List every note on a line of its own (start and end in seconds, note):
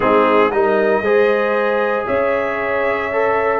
0.00 0.52 G#3
0.00 0.51 C4
0.00 0.52 D#4
0.00 0.51 G#4
0.51 1.00 G3
0.51 1.03 D#4
0.51 1.03 A#4
0.51 2.06 D#5
1.00 2.04 G#3
1.00 3.11 G#4
1.00 2.06 C5
2.06 3.60 C#4
2.06 3.60 C#5
2.06 3.60 E5
3.12 3.60 A4